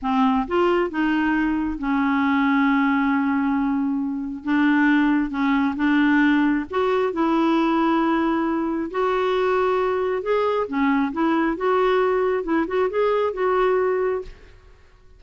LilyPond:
\new Staff \with { instrumentName = "clarinet" } { \time 4/4 \tempo 4 = 135 c'4 f'4 dis'2 | cis'1~ | cis'2 d'2 | cis'4 d'2 fis'4 |
e'1 | fis'2. gis'4 | cis'4 e'4 fis'2 | e'8 fis'8 gis'4 fis'2 | }